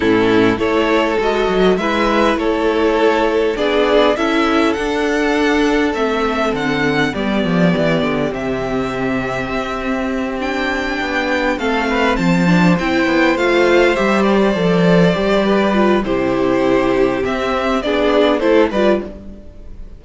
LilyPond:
<<
  \new Staff \with { instrumentName = "violin" } { \time 4/4 \tempo 4 = 101 a'4 cis''4 dis''4 e''4 | cis''2 d''4 e''4 | fis''2 e''4 fis''4 | d''2 e''2~ |
e''4. g''2 f''8~ | f''8 a''4 g''4 f''4 e''8 | d''2. c''4~ | c''4 e''4 d''4 c''8 d''8 | }
  \new Staff \with { instrumentName = "violin" } { \time 4/4 e'4 a'2 b'4 | a'2 gis'4 a'4~ | a'1 | g'1~ |
g'2.~ g'8 a'8 | b'8 c''2.~ c''8~ | c''2 b'4 g'4~ | g'2 gis'4 a'8 b'8 | }
  \new Staff \with { instrumentName = "viola" } { \time 4/4 cis'4 e'4 fis'4 e'4~ | e'2 d'4 e'4 | d'2 c'2 | b2 c'2~ |
c'4. d'2 c'8~ | c'4 d'8 e'4 f'4 g'8~ | g'8 a'4 g'4 f'8 e'4~ | e'4 c'4 d'4 e'8 f'8 | }
  \new Staff \with { instrumentName = "cello" } { \time 4/4 a,4 a4 gis8 fis8 gis4 | a2 b4 cis'4 | d'2 a4 d4 | g8 f8 e8 d8 c2 |
c'2~ c'8 b4 a8~ | a8 f4 c'8 b8 a4 g8~ | g8 f4 g4. c4~ | c4 c'4 b4 a8 g8 | }
>>